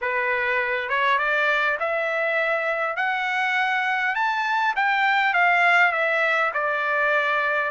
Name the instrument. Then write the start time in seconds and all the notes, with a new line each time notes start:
trumpet
0.01 B4
0.89 C#5
1.18 D5
1.79 E5
2.96 F#5
4.15 A5
4.76 G5
5.33 F5
5.92 E5
6.53 D5